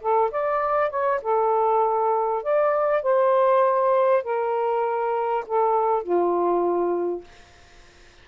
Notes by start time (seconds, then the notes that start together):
0.00 A4
0.31 D5
0.90 C#5
1.22 A4
2.43 D5
3.02 C5
4.23 A#4
5.47 A4
6.03 F4